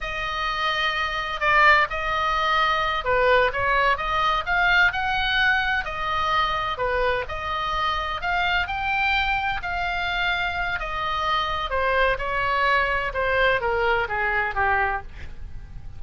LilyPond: \new Staff \with { instrumentName = "oboe" } { \time 4/4 \tempo 4 = 128 dis''2. d''4 | dis''2~ dis''8 b'4 cis''8~ | cis''8 dis''4 f''4 fis''4.~ | fis''8 dis''2 b'4 dis''8~ |
dis''4. f''4 g''4.~ | g''8 f''2~ f''8 dis''4~ | dis''4 c''4 cis''2 | c''4 ais'4 gis'4 g'4 | }